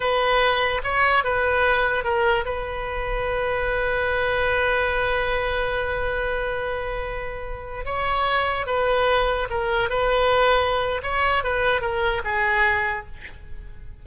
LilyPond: \new Staff \with { instrumentName = "oboe" } { \time 4/4 \tempo 4 = 147 b'2 cis''4 b'4~ | b'4 ais'4 b'2~ | b'1~ | b'1~ |
b'2.~ b'16 cis''8.~ | cis''4~ cis''16 b'2 ais'8.~ | ais'16 b'2~ b'8. cis''4 | b'4 ais'4 gis'2 | }